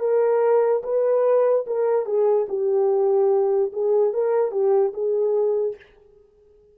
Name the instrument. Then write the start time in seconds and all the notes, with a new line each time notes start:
horn
0.00 A#4
0.83 B4
1.67 A#4
2.05 G#4
2.49 G4
3.73 G#4
4.13 A#4
4.51 G4
4.94 G#4